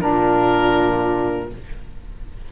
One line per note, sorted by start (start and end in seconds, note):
0.00 1.52 A#2
0.00 1.50 D4
0.00 1.52 F4
0.00 1.51 A#4